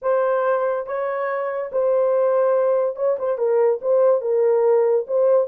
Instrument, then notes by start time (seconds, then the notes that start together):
horn
0.02 C5
0.86 C#5
1.72 C5
2.95 C#5
3.18 C5
3.37 A#4
3.81 C5
4.21 A#4
5.07 C5